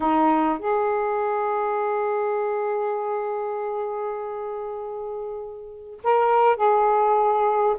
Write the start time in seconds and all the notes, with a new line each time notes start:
0.00 D#4
0.58 G#4
6.03 A#4
6.56 G#4